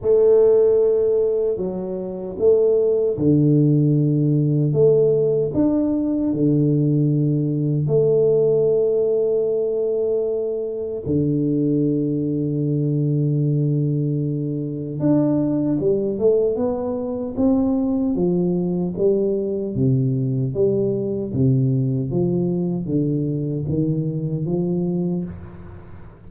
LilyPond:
\new Staff \with { instrumentName = "tuba" } { \time 4/4 \tempo 4 = 76 a2 fis4 a4 | d2 a4 d'4 | d2 a2~ | a2 d2~ |
d2. d'4 | g8 a8 b4 c'4 f4 | g4 c4 g4 c4 | f4 d4 dis4 f4 | }